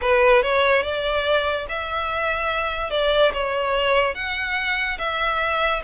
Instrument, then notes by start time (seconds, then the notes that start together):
violin
0.02 B4
0.42 C#5
0.82 D5
1.69 E5
2.90 D5
3.33 C#5
4.14 F#5
4.98 E5